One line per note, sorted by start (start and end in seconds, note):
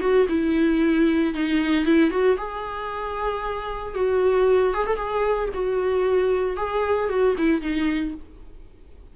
0.00 0.26 F#4
0.29 1.34 E4
1.34 1.85 D#4
1.85 2.11 E4
2.11 2.37 F#4
2.37 3.95 G#4
3.95 4.74 F#4
4.74 4.86 G#4
4.86 4.96 A4
4.96 5.49 G#4
5.54 6.56 F#4
6.56 7.09 G#4
7.09 7.35 F#4
7.38 7.61 E4
7.61 8.14 D#4